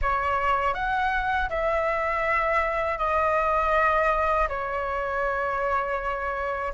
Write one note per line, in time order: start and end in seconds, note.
0.01 0.74 C#5
0.74 1.49 F#5
1.49 2.98 E5
2.98 4.48 D#5
4.48 6.73 C#5